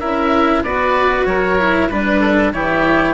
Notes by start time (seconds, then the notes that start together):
0.00 C#4 E4 A#4 E5
0.64 B3 F#4 B4 D5
1.26 F#3 A#4 C#5
1.59 E4
1.89 G3 D4 B4
2.21 A4
2.53 E3 E4 G4 C#5